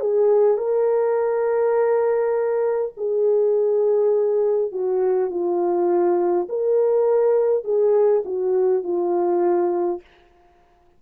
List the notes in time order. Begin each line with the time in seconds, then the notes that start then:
0.00 G#4
0.57 A#4
2.97 G#4
4.72 F#4
5.30 F4
6.49 A#4
7.64 G#4
8.25 F#4
8.83 F4